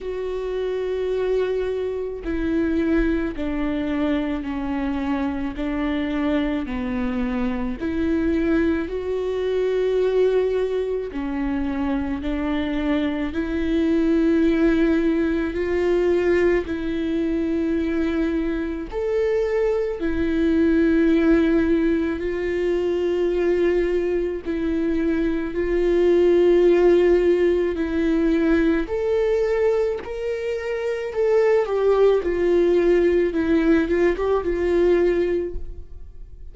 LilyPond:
\new Staff \with { instrumentName = "viola" } { \time 4/4 \tempo 4 = 54 fis'2 e'4 d'4 | cis'4 d'4 b4 e'4 | fis'2 cis'4 d'4 | e'2 f'4 e'4~ |
e'4 a'4 e'2 | f'2 e'4 f'4~ | f'4 e'4 a'4 ais'4 | a'8 g'8 f'4 e'8 f'16 g'16 f'4 | }